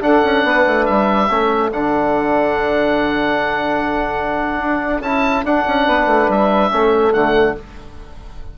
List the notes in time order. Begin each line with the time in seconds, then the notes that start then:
0.00 D4 A4 F#5
0.23 C#4
0.43 B3 B4
0.66 A3
0.85 G3 E5
1.29 A3 C#4 A4
1.72 D3 D4 F#5
4.59 D4
5.00 C#4 E4 A5
5.43 D4 F#5
5.66 C#4
5.85 B3 B4
6.06 A3
6.28 G3 E5
6.69 A3 C#4 A4
7.13 D3 A3 F#5